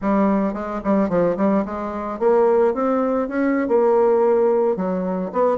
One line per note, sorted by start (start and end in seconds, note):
0.01 0.53 G3
0.53 0.80 G#3
0.84 1.09 G3
1.09 1.36 F3
1.37 1.64 G3
1.65 2.19 G#3
2.19 2.73 A#3
2.73 3.28 C4
3.28 3.67 C#4
3.67 4.76 A#3
4.76 5.31 F#3
5.32 5.57 B3